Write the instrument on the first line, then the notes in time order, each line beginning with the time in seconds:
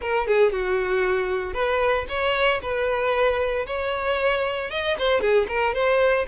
violin
0.01 A#4
0.27 G#4
0.52 F#4
1.53 B4
2.08 C#5
2.61 B4
3.66 C#5
4.71 D#5
4.98 C5
5.20 G#4
5.48 A#4
5.74 C5